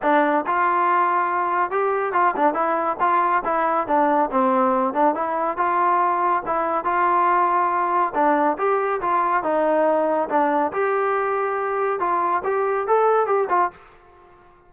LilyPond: \new Staff \with { instrumentName = "trombone" } { \time 4/4 \tempo 4 = 140 d'4 f'2. | g'4 f'8 d'8 e'4 f'4 | e'4 d'4 c'4. d'8 | e'4 f'2 e'4 |
f'2. d'4 | g'4 f'4 dis'2 | d'4 g'2. | f'4 g'4 a'4 g'8 f'8 | }